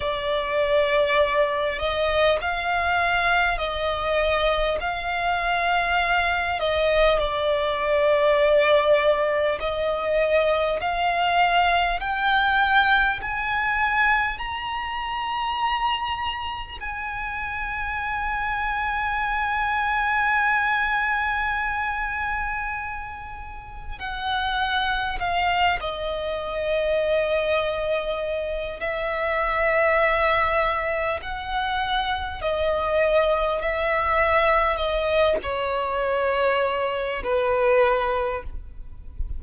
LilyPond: \new Staff \with { instrumentName = "violin" } { \time 4/4 \tempo 4 = 50 d''4. dis''8 f''4 dis''4 | f''4. dis''8 d''2 | dis''4 f''4 g''4 gis''4 | ais''2 gis''2~ |
gis''1 | fis''4 f''8 dis''2~ dis''8 | e''2 fis''4 dis''4 | e''4 dis''8 cis''4. b'4 | }